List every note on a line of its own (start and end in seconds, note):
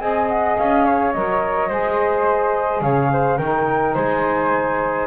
0.00 0.57 C4
0.00 1.14 G#4
0.00 0.86 D#5
0.00 0.28 G#5
0.29 0.57 F#5
0.57 1.15 C#4
0.57 1.13 F5
0.86 1.69 C#5
1.13 1.70 F#3
1.13 1.69 A#4
1.13 2.82 D#5
1.69 2.82 G#3
1.69 3.39 G#4
1.69 2.82 C5
2.82 3.39 C#3
2.82 3.12 C#5
2.82 3.38 F5
3.13 3.38 C5
3.38 3.95 D#3
3.38 5.08 D#4
3.38 3.95 A#4
3.38 3.95 G5
3.95 5.08 G#3
3.95 5.08 C5
3.95 5.08 G#5